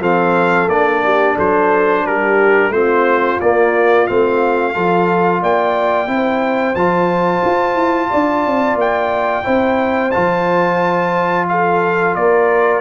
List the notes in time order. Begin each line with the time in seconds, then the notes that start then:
0.00 F3 C4 A4 F5
0.68 A#3 D4 D5
1.04 G4
1.35 F#3 A4 C5
2.06 G3 G4 A#4
2.70 A3 C4 F4 C5
3.41 A#3 D5
4.07 A3 C4 F5
4.73 F3 F4 A4
5.42 A#3 D5 G5
6.07 C4 E4
6.14 C5
6.75 F3 F4 A5
7.46 F4
7.75 E4
8.11 D4 D5
8.46 C4
8.75 A#3 G5
9.44 C4 E4 C5
10.11 F3 F4 A5
11.49 A4 F5
12.15 A#3 A#4 D5